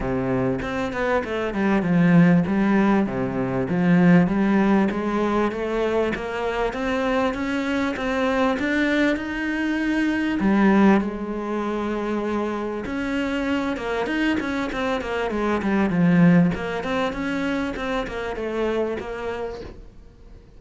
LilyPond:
\new Staff \with { instrumentName = "cello" } { \time 4/4 \tempo 4 = 98 c4 c'8 b8 a8 g8 f4 | g4 c4 f4 g4 | gis4 a4 ais4 c'4 | cis'4 c'4 d'4 dis'4~ |
dis'4 g4 gis2~ | gis4 cis'4. ais8 dis'8 cis'8 | c'8 ais8 gis8 g8 f4 ais8 c'8 | cis'4 c'8 ais8 a4 ais4 | }